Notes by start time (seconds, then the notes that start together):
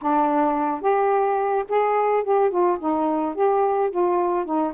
0.01 D4
0.81 G4
1.68 G#4
2.23 G4
2.50 F4
2.79 D#4
3.34 G4
3.90 F4
4.45 D#4